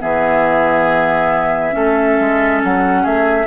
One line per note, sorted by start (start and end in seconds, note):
0.00 1.75 E3
0.00 1.72 B3
0.00 1.75 G#4
0.00 2.62 E5
1.72 2.18 A3
1.72 3.46 C#4
1.72 3.02 A4
2.19 2.63 G#3
2.63 3.05 F#3
2.63 3.06 F#5
3.02 3.47 A3
3.02 3.45 G#4
3.02 3.47 E5